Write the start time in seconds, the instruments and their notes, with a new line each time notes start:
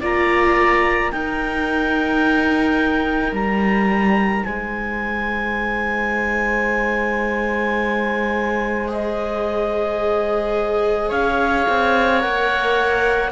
0.00 cello A#3, viola F4, oboe D5, clarinet A#5
1.11 viola D#4, cello D#4, oboe A#4, clarinet G5
3.32 cello G3, clarinet A#5
4.44 cello G#3, oboe C5, clarinet G#5
8.88 viola G#4, clarinet D#5
11.09 cello C#4, oboe C#5, clarinet F5
11.69 cello C4
12.20 cello A#3, viola A#4, clarinet F#5